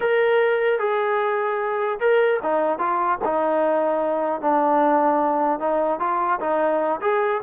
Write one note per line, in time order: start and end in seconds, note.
0.00 0.79 A#4
0.79 1.99 G#4
1.99 2.39 A#4
2.42 2.78 D#4
2.78 3.18 F4
3.24 4.41 D#4
4.41 5.59 D4
5.59 5.99 D#4
5.99 6.39 F4
6.40 7.00 D#4
7.01 7.41 G#4